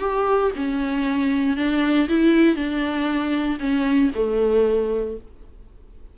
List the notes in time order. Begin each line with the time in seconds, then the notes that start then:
0.00 G4
0.56 C#4
1.57 D4
2.09 E4
2.56 D4
3.60 C#4
4.15 A3